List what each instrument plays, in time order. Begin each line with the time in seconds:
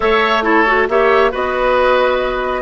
0.00 bassoon A3, clarinet A4, oboe C#5, flute E5
0.42 clarinet E4, oboe A4, flute C#5
0.66 clarinet F#4
0.88 bassoon A#3, clarinet G4, oboe C#5, flute E5
1.31 bassoon B3, clarinet F#4, oboe B4, flute D#5